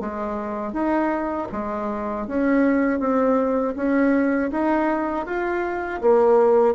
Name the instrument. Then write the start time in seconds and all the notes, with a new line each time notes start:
bassoon
0.00 G#3
0.73 D#4
1.52 G#3
2.27 C#4
3.00 C4
3.76 C#4
4.52 D#4
5.26 F4
6.02 A#3